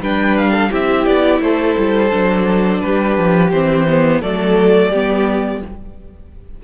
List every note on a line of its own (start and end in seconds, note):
0.00 0.70 G3
0.00 0.70 D4
0.00 0.51 B4
0.00 0.37 G5
0.37 0.72 F5
0.51 0.69 A4
0.70 1.06 C4
0.70 2.10 E4
0.70 1.40 G4
0.70 1.05 E5
1.05 1.40 B3
1.05 1.40 D5
1.40 1.75 A3
1.40 2.82 A4
1.40 2.80 C5
1.77 2.12 G3
2.10 2.82 F#3
2.10 3.49 D4
2.80 3.17 G3
2.80 4.20 G4
2.80 3.50 B4
3.17 3.51 F3
3.51 4.21 E3
3.51 3.87 C4
3.51 4.21 C5
3.87 4.22 B3
4.20 4.91 F#3
4.20 4.92 A3
4.20 4.90 A4
4.20 5.61 D5
4.90 5.61 G3
4.90 5.63 B3
4.90 5.59 G4